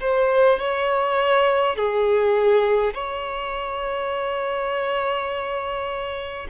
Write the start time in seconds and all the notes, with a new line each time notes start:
0.00 C5
0.59 C#5
1.76 G#4
2.94 C#5